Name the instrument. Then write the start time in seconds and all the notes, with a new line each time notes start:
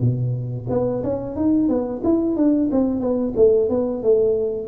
tuba
0.00 B2
0.69 B3
1.04 C#4
1.36 D#4
1.68 B3
2.04 E4
2.36 D4
2.72 C4
3.00 B3
3.36 A3
3.69 B3
4.03 A3